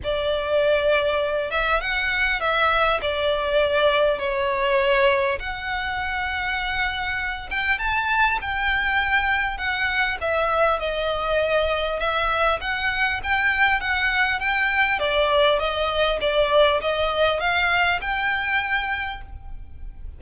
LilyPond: \new Staff \with { instrumentName = "violin" } { \time 4/4 \tempo 4 = 100 d''2~ d''8 e''8 fis''4 | e''4 d''2 cis''4~ | cis''4 fis''2.~ | fis''8 g''8 a''4 g''2 |
fis''4 e''4 dis''2 | e''4 fis''4 g''4 fis''4 | g''4 d''4 dis''4 d''4 | dis''4 f''4 g''2 | }